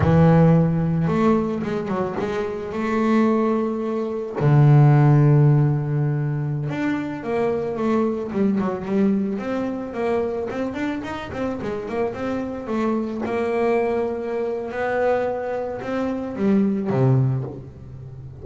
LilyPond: \new Staff \with { instrumentName = "double bass" } { \time 4/4 \tempo 4 = 110 e2 a4 gis8 fis8 | gis4 a2. | d1~ | d16 d'4 ais4 a4 g8 fis16~ |
fis16 g4 c'4 ais4 c'8 d'16~ | d'16 dis'8 c'8 gis8 ais8 c'4 a8.~ | a16 ais2~ ais8. b4~ | b4 c'4 g4 c4 | }